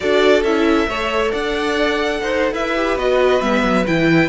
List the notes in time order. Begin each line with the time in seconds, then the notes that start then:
0.00 D4 F#4 A4 D5
0.42 C#4 E4 E5
0.87 A3 A4 C#5
1.31 D4 D5 F#5
2.21 D#4 C5
2.52 E4 B4 E5
2.76 G4
2.95 B3 F#4 D#5
3.41 G3 B3 E5
3.63 F#3
3.85 E3 E4 G5